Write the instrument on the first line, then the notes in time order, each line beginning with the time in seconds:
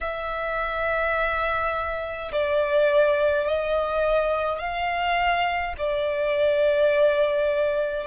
violin
0.01 E5
2.32 D5
3.47 D#5
4.58 F5
5.77 D5